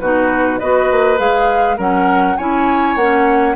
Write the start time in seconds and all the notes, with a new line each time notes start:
0.00 B2 D#4 F#4 B4
0.59 B3 F#4 B4 D#5
0.91 A#3
1.17 G#3 G#4 F5
1.77 F#3 C#4 A#4 F#5
2.37 C#4 E4 C#5 G#5
2.96 A#3 C#4 F#5